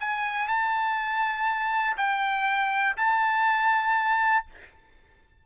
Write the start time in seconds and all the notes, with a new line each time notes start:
0.00 G#5
0.48 A5
1.97 G5
2.97 A5